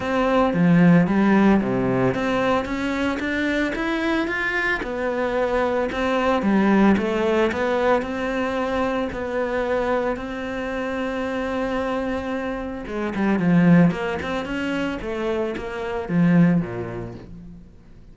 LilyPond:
\new Staff \with { instrumentName = "cello" } { \time 4/4 \tempo 4 = 112 c'4 f4 g4 c4 | c'4 cis'4 d'4 e'4 | f'4 b2 c'4 | g4 a4 b4 c'4~ |
c'4 b2 c'4~ | c'1 | gis8 g8 f4 ais8 c'8 cis'4 | a4 ais4 f4 ais,4 | }